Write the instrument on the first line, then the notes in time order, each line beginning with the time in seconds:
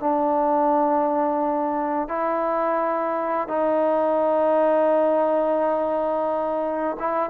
trombone
0.00 D4
2.08 E4
3.48 D#4
6.99 E4